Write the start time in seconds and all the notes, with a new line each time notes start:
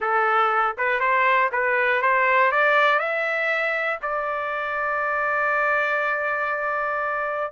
0.00 A4
0.77 B4
1.00 C5
1.52 B4
2.01 C5
2.51 D5
2.99 E5
4.02 D5